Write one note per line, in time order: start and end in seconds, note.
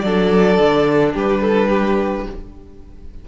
0.00 0.58 F#3
0.00 2.27 D4
0.00 1.13 A4
0.00 1.11 D5
0.59 1.14 D3
1.13 2.26 G3
1.13 1.41 G4
1.13 2.28 B4
1.41 1.69 A4
1.69 2.25 G4